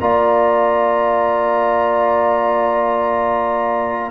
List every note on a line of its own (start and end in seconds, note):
0.00 4.11 A#3
0.00 4.11 F4
0.00 4.11 D5
0.00 4.11 A#5